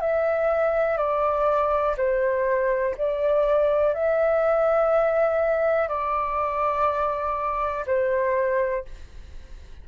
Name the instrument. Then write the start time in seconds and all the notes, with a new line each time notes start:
flute
0.00 E5
0.97 D5
1.97 C5
2.97 D5
3.94 E5
5.88 D5
7.86 C5